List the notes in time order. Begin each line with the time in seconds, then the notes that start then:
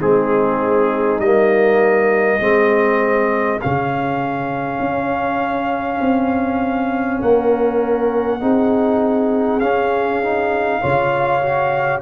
0.00 G#3 C4 D#4 G#4
1.19 G3 A#3 D#5
2.40 G#3 C4 G#4
3.62 C#3 C#4 F5
4.80 C#4
6.01 C4
7.20 A#3 A#4 F#5
8.41 C4 D#4 G#4
9.60 C#4 F5
10.23 D#4
10.81 C#3 F4 C#5
11.43 F#4